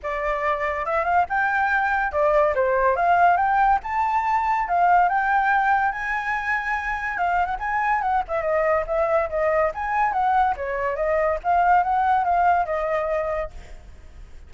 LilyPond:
\new Staff \with { instrumentName = "flute" } { \time 4/4 \tempo 4 = 142 d''2 e''8 f''8 g''4~ | g''4 d''4 c''4 f''4 | g''4 a''2 f''4 | g''2 gis''2~ |
gis''4 f''8. fis''16 gis''4 fis''8 e''8 | dis''4 e''4 dis''4 gis''4 | fis''4 cis''4 dis''4 f''4 | fis''4 f''4 dis''2 | }